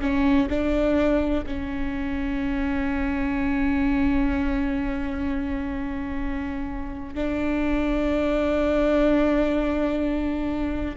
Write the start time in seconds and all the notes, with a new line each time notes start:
0.00 C#4
0.49 D4
1.46 C#4
7.14 D4